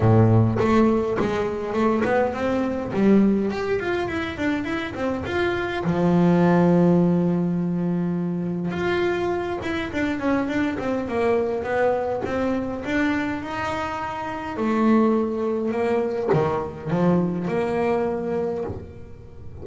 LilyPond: \new Staff \with { instrumentName = "double bass" } { \time 4/4 \tempo 4 = 103 a,4 a4 gis4 a8 b8 | c'4 g4 g'8 f'8 e'8 d'8 | e'8 c'8 f'4 f2~ | f2. f'4~ |
f'8 e'8 d'8 cis'8 d'8 c'8 ais4 | b4 c'4 d'4 dis'4~ | dis'4 a2 ais4 | dis4 f4 ais2 | }